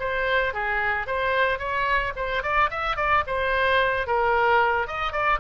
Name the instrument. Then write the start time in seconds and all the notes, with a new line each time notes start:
oboe
0.00 C5
0.54 G#4
1.07 C5
1.59 C#5
2.16 C5
2.43 D5
2.71 E5
2.97 D5
3.27 C5
4.07 A#4
4.88 D#5
5.13 D5